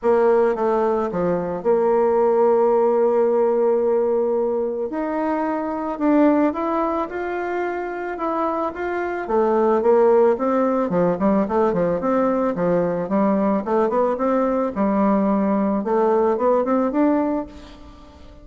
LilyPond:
\new Staff \with { instrumentName = "bassoon" } { \time 4/4 \tempo 4 = 110 ais4 a4 f4 ais4~ | ais1~ | ais4 dis'2 d'4 | e'4 f'2 e'4 |
f'4 a4 ais4 c'4 | f8 g8 a8 f8 c'4 f4 | g4 a8 b8 c'4 g4~ | g4 a4 b8 c'8 d'4 | }